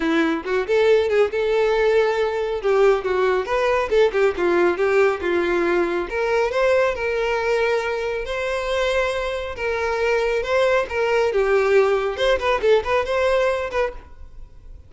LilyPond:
\new Staff \with { instrumentName = "violin" } { \time 4/4 \tempo 4 = 138 e'4 fis'8 a'4 gis'8 a'4~ | a'2 g'4 fis'4 | b'4 a'8 g'8 f'4 g'4 | f'2 ais'4 c''4 |
ais'2. c''4~ | c''2 ais'2 | c''4 ais'4 g'2 | c''8 b'8 a'8 b'8 c''4. b'8 | }